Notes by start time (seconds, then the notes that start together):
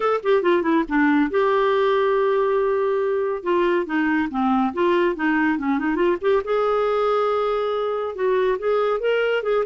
0.00 A4
0.23 G4
0.42 F4
0.62 E4
0.88 D4
1.30 G4
3.43 F4
3.86 D#4
4.30 C4
4.73 F4
5.15 D#4
5.58 C#4
5.79 D#4
5.95 F4
6.21 G4
6.44 G#4
8.15 F#4
8.59 G#4
9.00 A#4
9.42 G#4